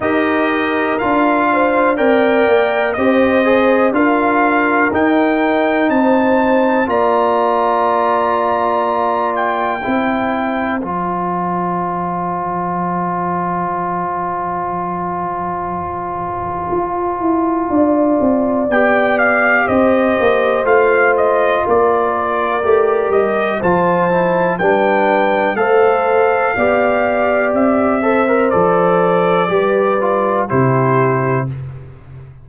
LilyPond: <<
  \new Staff \with { instrumentName = "trumpet" } { \time 4/4 \tempo 4 = 61 dis''4 f''4 g''4 dis''4 | f''4 g''4 a''4 ais''4~ | ais''4. g''4. a''4~ | a''1~ |
a''2. g''8 f''8 | dis''4 f''8 dis''8 d''4. dis''8 | a''4 g''4 f''2 | e''4 d''2 c''4 | }
  \new Staff \with { instrumentName = "horn" } { \time 4/4 ais'4. c''8 d''4 c''4 | ais'2 c''4 d''4~ | d''2 c''2~ | c''1~ |
c''2 d''2 | c''2 ais'2 | c''4 b'4 c''4 d''4~ | d''8 c''4. b'4 g'4 | }
  \new Staff \with { instrumentName = "trombone" } { \time 4/4 g'4 f'4 ais'4 g'8 gis'8 | f'4 dis'2 f'4~ | f'2 e'4 f'4~ | f'1~ |
f'2. g'4~ | g'4 f'2 g'4 | f'8 e'8 d'4 a'4 g'4~ | g'8 a'16 ais'16 a'4 g'8 f'8 e'4 | }
  \new Staff \with { instrumentName = "tuba" } { \time 4/4 dis'4 d'4 c'8 ais8 c'4 | d'4 dis'4 c'4 ais4~ | ais2 c'4 f4~ | f1~ |
f4 f'8 e'8 d'8 c'8 b4 | c'8 ais8 a4 ais4 a8 g8 | f4 g4 a4 b4 | c'4 f4 g4 c4 | }
>>